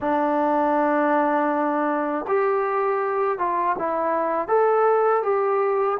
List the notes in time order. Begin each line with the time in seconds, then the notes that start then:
0.00 D4
2.27 G4
3.38 F4
3.78 E4
4.48 A4
5.23 G4